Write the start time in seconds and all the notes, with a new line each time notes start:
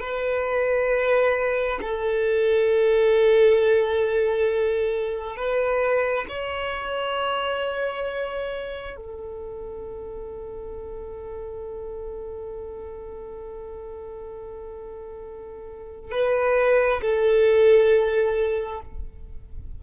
0.00 B4
1.82 A4
5.36 B4
6.28 C#5
8.96 A4
16.12 B4
17.01 A4